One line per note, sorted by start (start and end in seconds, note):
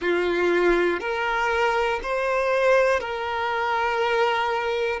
0.00 1.00 F4
1.00 2.00 A#4
2.03 3.00 C5
3.00 5.00 A#4